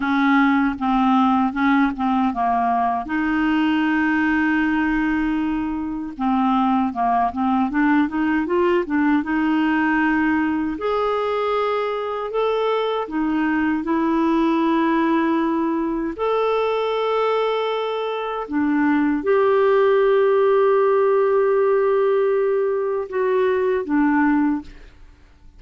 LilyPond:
\new Staff \with { instrumentName = "clarinet" } { \time 4/4 \tempo 4 = 78 cis'4 c'4 cis'8 c'8 ais4 | dis'1 | c'4 ais8 c'8 d'8 dis'8 f'8 d'8 | dis'2 gis'2 |
a'4 dis'4 e'2~ | e'4 a'2. | d'4 g'2.~ | g'2 fis'4 d'4 | }